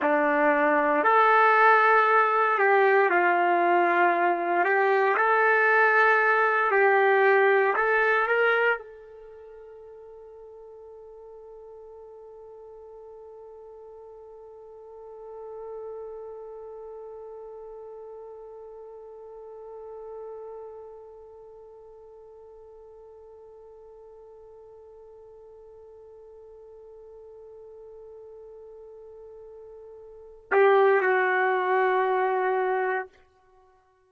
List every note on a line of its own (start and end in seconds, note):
0.01 1.03 D4
1.03 2.58 A4
2.58 3.09 G4
3.09 4.64 F4
4.64 5.16 G4
5.17 6.71 A4
6.71 7.74 G4
7.75 8.27 A4
8.27 8.78 A#4
8.78 30.50 A4
30.51 31.01 G4
31.01 33.08 F#4